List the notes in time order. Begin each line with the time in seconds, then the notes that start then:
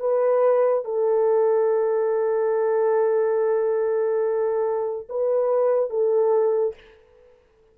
0.00 B4
0.85 A4
5.09 B4
5.90 A4